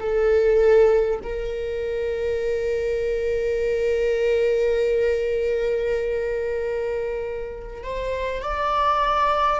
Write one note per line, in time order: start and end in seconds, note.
0.00 1.20 A4
1.23 7.83 A#4
7.83 8.42 C5
8.42 9.60 D5